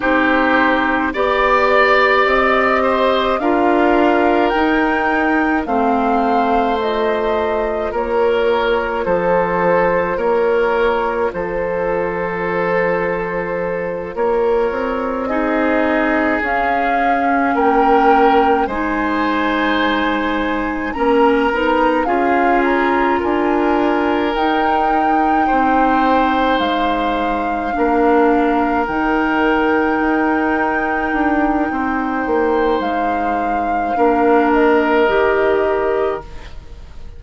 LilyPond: <<
  \new Staff \with { instrumentName = "flute" } { \time 4/4 \tempo 4 = 53 c''4 d''4 dis''4 f''4 | g''4 f''4 dis''4 cis''4 | c''4 cis''4 c''2~ | c''8 cis''4 dis''4 f''4 g''8~ |
g''8 gis''2 ais''4 f''8 | ais''8 gis''4 g''2 f''8~ | f''4. g''2~ g''8~ | g''4 f''4. dis''4. | }
  \new Staff \with { instrumentName = "oboe" } { \time 4/4 g'4 d''4. c''8 ais'4~ | ais'4 c''2 ais'4 | a'4 ais'4 a'2~ | a'8 ais'4 gis'2 ais'8~ |
ais'8 c''2 ais'4 gis'8~ | gis'8 ais'2 c''4.~ | c''8 ais'2.~ ais'8 | c''2 ais'2 | }
  \new Staff \with { instrumentName = "clarinet" } { \time 4/4 dis'4 g'2 f'4 | dis'4 c'4 f'2~ | f'1~ | f'4. dis'4 cis'4.~ |
cis'8 dis'2 cis'8 dis'8 f'8~ | f'4. dis'2~ dis'8~ | dis'8 d'4 dis'2~ dis'8~ | dis'2 d'4 g'4 | }
  \new Staff \with { instrumentName = "bassoon" } { \time 4/4 c'4 b4 c'4 d'4 | dis'4 a2 ais4 | f4 ais4 f2~ | f8 ais8 c'4. cis'4 ais8~ |
ais8 gis2 ais8 b8 cis'8~ | cis'8 d'4 dis'4 c'4 gis8~ | gis8 ais4 dis4 dis'4 d'8 | c'8 ais8 gis4 ais4 dis4 | }
>>